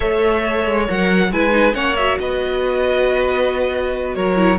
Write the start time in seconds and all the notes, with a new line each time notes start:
0.00 A3 A4 C#5 E5
0.66 G#3
0.87 F#3 A#4 F#5
1.32 G#3 E4 B4 G#5
1.50 D#4
1.73 A#3 C#4 C#5 F#5
1.96 F#4 E5
2.19 B3 B4 D#5
4.15 F#3 A#4 C#5
4.35 E4